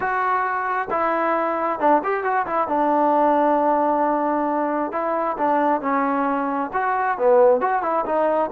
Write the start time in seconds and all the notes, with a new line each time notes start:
0.00 F#4
0.90 E4
1.79 D4
2.03 G4
2.23 F#4
2.46 E4
2.68 D4
4.92 E4
5.37 D4
5.81 C#4
6.73 F#4
7.17 B3
7.61 F#4
7.82 E4
8.05 D#4